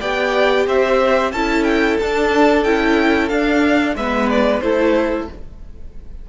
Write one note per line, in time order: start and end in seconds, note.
0.00 0.67 B3
0.00 1.32 G4
0.00 0.66 D5
0.00 0.67 G5
0.67 1.32 C4
0.67 1.32 C5
0.67 1.32 E5
1.32 1.98 C#4
1.32 2.02 E4
1.32 3.96 A4
1.32 1.63 A5
1.63 1.96 G5
1.99 2.65 D4
1.99 2.63 A5
2.63 3.30 C#4
2.63 3.30 E4
2.63 3.28 G5
3.28 3.95 D4
3.28 3.96 D4
3.28 3.94 F5
3.95 4.61 G#3
3.95 4.63 B3
3.95 4.63 B4
3.95 4.29 E5
4.30 4.60 D5
4.60 5.27 A3
4.60 5.29 E4
4.60 5.29 A4
4.60 5.26 C5